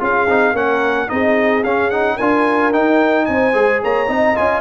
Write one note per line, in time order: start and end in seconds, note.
0.00 0.28 C#4
0.00 0.27 F4
0.00 0.54 G#4
0.00 0.56 F5
0.28 0.52 C4
0.28 0.54 D#4
0.52 1.07 A#3
0.52 1.08 C#4
0.52 1.09 A#4
0.52 1.09 F#5
1.08 1.63 C4
1.08 1.63 D#4
1.08 2.15 G#4
1.08 1.63 D#5
1.63 2.18 C#4
1.63 1.91 C#4
1.63 1.90 F5
1.90 2.19 D#4
1.90 2.17 F#5
2.15 2.73 D4
2.15 2.72 F4
2.15 3.24 A#4
2.15 2.72 G#5
2.72 3.53 D#4
2.72 3.27 D#4
2.72 3.25 G5
3.25 3.54 C4
3.25 3.82 C5
3.25 3.80 G#5
3.53 3.81 G#3
3.53 4.07 G#4
3.82 4.08 A#3
3.82 4.10 C#5
3.82 4.36 A#5
4.07 4.35 C4
4.07 4.34 D#4
4.07 4.60 D#5
4.35 4.60 C#4
4.35 4.60 F4
4.35 4.60 G#5